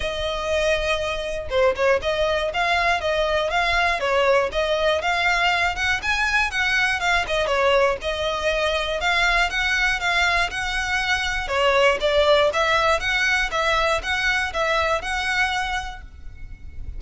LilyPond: \new Staff \with { instrumentName = "violin" } { \time 4/4 \tempo 4 = 120 dis''2. c''8 cis''8 | dis''4 f''4 dis''4 f''4 | cis''4 dis''4 f''4. fis''8 | gis''4 fis''4 f''8 dis''8 cis''4 |
dis''2 f''4 fis''4 | f''4 fis''2 cis''4 | d''4 e''4 fis''4 e''4 | fis''4 e''4 fis''2 | }